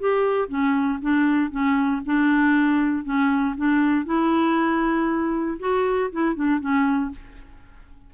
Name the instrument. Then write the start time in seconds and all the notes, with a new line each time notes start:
clarinet
0.00 G4
0.49 C#4
1.02 D4
1.51 C#4
2.06 D4
3.05 C#4
3.57 D4
4.06 E4
5.60 F#4
6.12 E4
6.36 D4
6.61 C#4